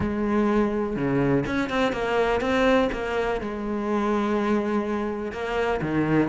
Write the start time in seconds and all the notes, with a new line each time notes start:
0.00 G#3
0.96 C#3
1.46 C#4
1.69 C4
1.92 A#3
2.40 C4
2.92 A#3
3.40 G#3
5.32 A#3
5.81 D#3